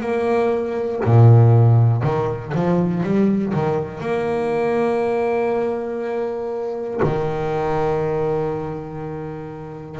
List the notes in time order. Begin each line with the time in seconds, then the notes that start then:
0.00 A#3
1.05 A#2
2.02 D#3
2.55 F3
3.03 G3
3.53 D#3
4.00 A#3
7.02 D#3